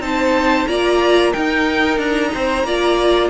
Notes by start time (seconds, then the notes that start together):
0.00 C4 D#4 C5 A5
0.68 A#3 F4 D5 A#5
1.32 D#4 A#4 G5
1.98 D4 A#5
2.34 C4 C5
2.64 A#3 F4 D5